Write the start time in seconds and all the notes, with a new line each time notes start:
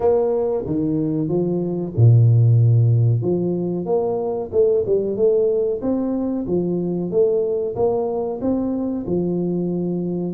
0.00 A#3
0.66 D#3
1.28 F3
1.96 A#2
3.21 F3
3.85 A#3
4.52 A3
4.86 G3
5.16 A3
5.81 C4
6.47 F3
7.10 A3
7.75 A#3
8.41 C4
9.06 F3